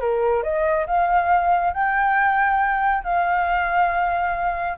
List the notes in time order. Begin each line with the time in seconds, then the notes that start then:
0.00 A#4
0.43 D#5
0.86 F5
1.73 G5
3.04 F5